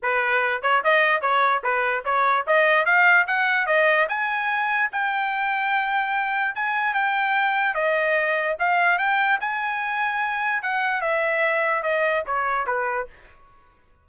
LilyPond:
\new Staff \with { instrumentName = "trumpet" } { \time 4/4 \tempo 4 = 147 b'4. cis''8 dis''4 cis''4 | b'4 cis''4 dis''4 f''4 | fis''4 dis''4 gis''2 | g''1 |
gis''4 g''2 dis''4~ | dis''4 f''4 g''4 gis''4~ | gis''2 fis''4 e''4~ | e''4 dis''4 cis''4 b'4 | }